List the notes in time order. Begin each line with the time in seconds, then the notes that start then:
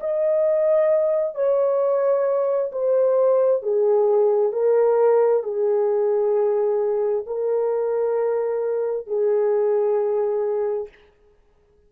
0.00 D#5
1.35 C#5
2.72 C5
3.63 G#4
4.52 A#4
5.43 G#4
7.26 A#4
9.07 G#4